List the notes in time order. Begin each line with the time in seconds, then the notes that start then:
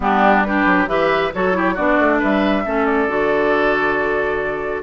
0.00 G3 B3 D4 G4
0.43 D4 G4 B4
0.66 F#3
0.87 E3 G4 B4 E5
1.34 F#3 F#4 A4 C#5
1.53 E4 G4
1.74 B3 D4 F#4 D5
1.99 A3
2.19 G3 B4 E5
2.65 A3 C#4 A4
2.85 D5
3.07 D3 F#4